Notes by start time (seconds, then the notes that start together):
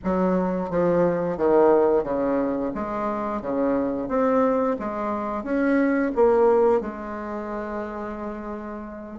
0.04 F#3
0.70 F3
1.37 D#3
2.03 C#3
2.74 G#3
3.41 C#3
4.08 C4
4.79 G#3
5.43 C#4
6.15 A#3
6.81 G#3